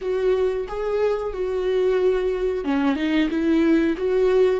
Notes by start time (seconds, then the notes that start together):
0.01 F#4
0.67 G#4
1.33 F#4
2.64 C#4
2.95 D#4
3.30 E4
3.97 F#4